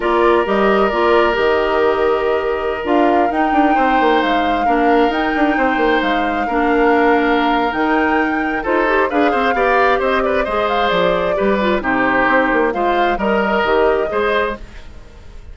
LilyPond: <<
  \new Staff \with { instrumentName = "flute" } { \time 4/4 \tempo 4 = 132 d''4 dis''4 d''4 dis''4~ | dis''2~ dis''16 f''4 g''8.~ | g''4~ g''16 f''2 g''8.~ | g''4~ g''16 f''2~ f''8.~ |
f''4 g''2 c''4 | f''2 dis''8 d''8 dis''8 f''8 | d''2 c''2 | f''4 dis''2. | }
  \new Staff \with { instrumentName = "oboe" } { \time 4/4 ais'1~ | ais'1~ | ais'16 c''2 ais'4.~ ais'16~ | ais'16 c''2 ais'4.~ ais'16~ |
ais'2. a'4 | b'8 c''8 d''4 c''8 b'8 c''4~ | c''4 b'4 g'2 | c''4 ais'2 c''4 | }
  \new Staff \with { instrumentName = "clarinet" } { \time 4/4 f'4 g'4 f'4 g'4~ | g'2~ g'16 f'4 dis'8.~ | dis'2~ dis'16 d'4 dis'8.~ | dis'2~ dis'16 d'4.~ d'16~ |
d'4 dis'2 f'8 g'8 | gis'4 g'2 gis'4~ | gis'4 g'8 f'8 dis'2 | f'4 ais'4 g'4 gis'4 | }
  \new Staff \with { instrumentName = "bassoon" } { \time 4/4 ais4 g4 ais4 dis4~ | dis2~ dis16 d'4 dis'8 d'16~ | d'16 c'8 ais8 gis4 ais4 dis'8 d'16~ | d'16 c'8 ais8 gis4 ais4.~ ais16~ |
ais4 dis2 dis'4 | d'8 c'8 b4 c'4 gis4 | f4 g4 c4 c'8 ais8 | gis4 g4 dis4 gis4 | }
>>